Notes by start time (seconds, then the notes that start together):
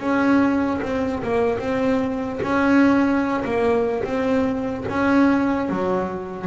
0.00 C#4
0.82 C4
1.23 A#3
1.59 C4
2.43 C#4
3.45 A#3
4.05 C4
4.89 C#4
5.70 F#3